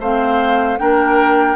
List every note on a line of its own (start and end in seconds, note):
0.00 0.79 A3
0.00 0.79 C4
0.00 0.79 C5
0.00 0.79 F5
0.79 1.56 A#3
0.79 1.56 D4
0.79 1.56 A#4
0.79 1.56 G5